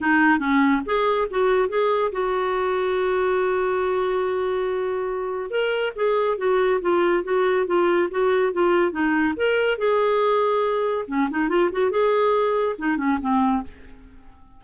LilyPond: \new Staff \with { instrumentName = "clarinet" } { \time 4/4 \tempo 4 = 141 dis'4 cis'4 gis'4 fis'4 | gis'4 fis'2.~ | fis'1~ | fis'4 ais'4 gis'4 fis'4 |
f'4 fis'4 f'4 fis'4 | f'4 dis'4 ais'4 gis'4~ | gis'2 cis'8 dis'8 f'8 fis'8 | gis'2 dis'8 cis'8 c'4 | }